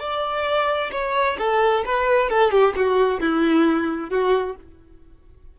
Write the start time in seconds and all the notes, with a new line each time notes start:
0.00 D5
0.92 C#5
1.39 A4
1.86 B4
2.30 A4
2.51 G4
2.76 F#4
3.21 E4
4.10 F#4